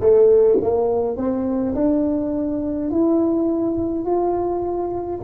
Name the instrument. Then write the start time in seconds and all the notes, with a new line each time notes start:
tuba
0.00 A3
0.61 A#3
1.17 C4
1.75 D4
2.91 E4
4.05 F4